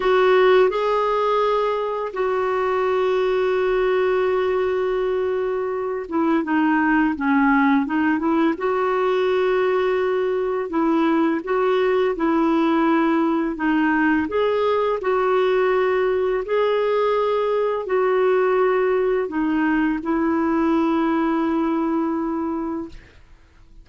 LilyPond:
\new Staff \with { instrumentName = "clarinet" } { \time 4/4 \tempo 4 = 84 fis'4 gis'2 fis'4~ | fis'1~ | fis'8 e'8 dis'4 cis'4 dis'8 e'8 | fis'2. e'4 |
fis'4 e'2 dis'4 | gis'4 fis'2 gis'4~ | gis'4 fis'2 dis'4 | e'1 | }